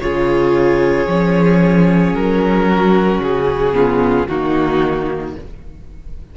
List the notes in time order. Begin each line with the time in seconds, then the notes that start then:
0.00 C#3 F4 G#4 C#5
1.07 F3 C#4
2.14 F#3 A#4
2.68 F#4
3.20 C#3 G#4
3.73 B3 F4
4.28 D#3 A#3 D#4 F#4